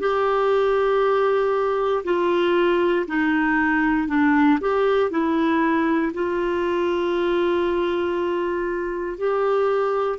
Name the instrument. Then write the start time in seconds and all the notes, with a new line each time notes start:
clarinet
0.00 G4
2.04 F4
3.07 D#4
4.08 D4
4.60 G4
5.11 E4
6.13 F4
9.18 G4